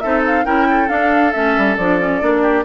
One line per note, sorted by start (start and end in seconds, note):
0.00 0.45 C4
0.00 0.45 D#4
0.00 0.45 A4
0.00 0.22 E5
0.27 0.45 F5
0.45 0.88 C#4
0.45 0.88 E4
0.45 0.67 A#4
0.45 0.89 G5
0.70 2.42 A4
0.88 1.32 D4
0.88 1.33 D4
0.88 1.32 F5
1.32 1.57 A3
1.32 1.77 C#4
1.32 1.76 E5
1.57 1.77 G3
1.77 2.21 F3
1.77 1.99 D4
1.77 2.64 D5
1.99 2.20 C#4
2.20 2.64 A#3
2.20 2.64 D4
2.42 2.64 G4